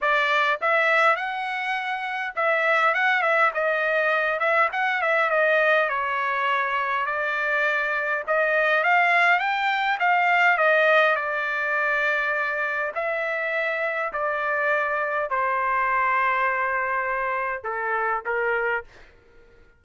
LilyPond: \new Staff \with { instrumentName = "trumpet" } { \time 4/4 \tempo 4 = 102 d''4 e''4 fis''2 | e''4 fis''8 e''8 dis''4. e''8 | fis''8 e''8 dis''4 cis''2 | d''2 dis''4 f''4 |
g''4 f''4 dis''4 d''4~ | d''2 e''2 | d''2 c''2~ | c''2 a'4 ais'4 | }